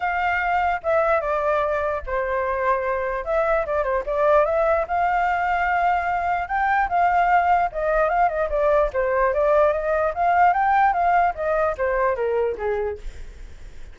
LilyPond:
\new Staff \with { instrumentName = "flute" } { \time 4/4 \tempo 4 = 148 f''2 e''4 d''4~ | d''4 c''2. | e''4 d''8 c''8 d''4 e''4 | f''1 |
g''4 f''2 dis''4 | f''8 dis''8 d''4 c''4 d''4 | dis''4 f''4 g''4 f''4 | dis''4 c''4 ais'4 gis'4 | }